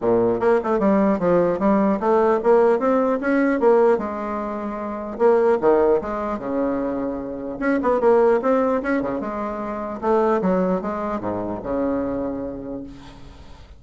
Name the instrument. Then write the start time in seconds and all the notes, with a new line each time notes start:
bassoon
0.01 A#2
0.40 A#3
0.63 A3
0.79 G3
1.19 F3
1.59 G3
1.99 A3
2.43 A#3
2.79 C4
3.20 C#4
3.59 A#3
3.97 G#3
5.18 A#3
5.61 D#3
6.01 G#3
6.38 C#3
7.59 C#4
7.82 B3
8.00 A#3
8.42 C4
8.82 C#4
9.02 C#3
9.20 G#3
10.01 A3
10.41 F#3
10.81 G#3
11.20 G#2
11.63 C#3